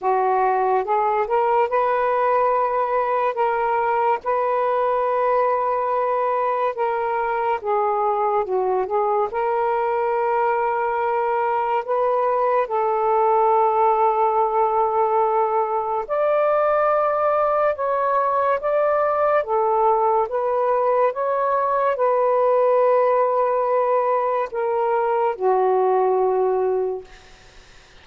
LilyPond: \new Staff \with { instrumentName = "saxophone" } { \time 4/4 \tempo 4 = 71 fis'4 gis'8 ais'8 b'2 | ais'4 b'2. | ais'4 gis'4 fis'8 gis'8 ais'4~ | ais'2 b'4 a'4~ |
a'2. d''4~ | d''4 cis''4 d''4 a'4 | b'4 cis''4 b'2~ | b'4 ais'4 fis'2 | }